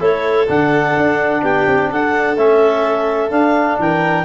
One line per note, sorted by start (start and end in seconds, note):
0.00 0.48 A3
0.00 0.47 E4
0.00 1.42 A4
0.00 0.49 C#5
0.48 0.96 D3
0.48 2.37 D4
0.48 1.44 F#5
0.97 1.43 D4
1.43 1.67 B3
1.43 1.90 G4
1.43 1.91 G5
1.67 1.91 C4
1.91 2.37 D4
1.91 3.80 A4
1.91 2.37 F#5
2.37 3.31 A3
2.37 3.31 C#4
2.37 3.31 E5
3.31 4.25 D4
3.31 3.78 D4
3.31 3.78 F5
3.79 4.25 E3
3.79 4.25 A#4
3.79 4.25 G5